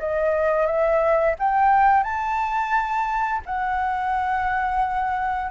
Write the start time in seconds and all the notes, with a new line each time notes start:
0.00 D#5
0.66 E5
1.39 G5
2.04 A5
3.46 F#5